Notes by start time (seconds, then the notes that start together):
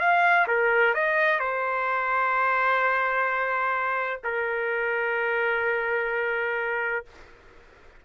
0.00 F5
0.48 A#4
0.94 D#5
1.40 C5
4.24 A#4